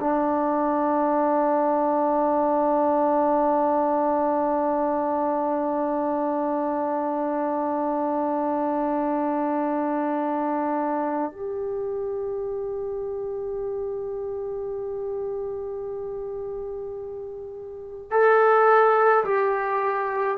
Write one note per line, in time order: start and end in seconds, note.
0.00 11.32 D4
11.32 18.11 G4
18.11 19.24 A4
19.24 20.37 G4